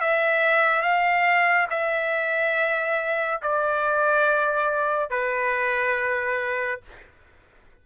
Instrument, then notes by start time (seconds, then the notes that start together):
trumpet
0.00 E5
0.82 F5
1.69 E5
3.42 D5
5.10 B4